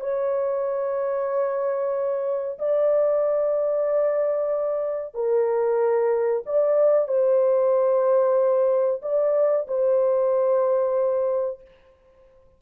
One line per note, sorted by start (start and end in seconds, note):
0.00 2.58 C#5
2.58 5.14 D5
5.14 6.43 A#4
6.46 7.08 D5
7.08 9.01 C5
9.02 9.67 D5
9.67 11.61 C5